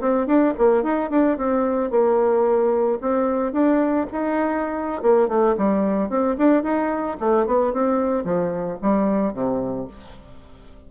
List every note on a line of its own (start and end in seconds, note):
0.00 0.26 C4
0.26 0.53 D4
0.57 0.83 A#3
0.83 1.10 D#4
1.10 1.37 D4
1.37 1.90 C4
1.90 2.98 A#3
3.00 3.52 C4
3.52 4.06 D4
4.11 5.02 D#4
5.02 5.28 A#3
5.28 5.55 A3
5.57 6.09 G3
6.09 6.36 C4
6.37 6.62 D4
6.62 7.16 D#4
7.19 7.46 A3
7.46 7.72 B3
7.72 8.24 C4
8.24 8.78 F3
8.81 9.33 G3
9.33 9.87 C3